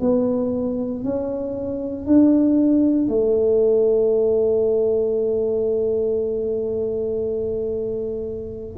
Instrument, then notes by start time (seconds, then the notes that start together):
tuba
0.00 B3
1.03 C#4
2.06 D4
3.08 A3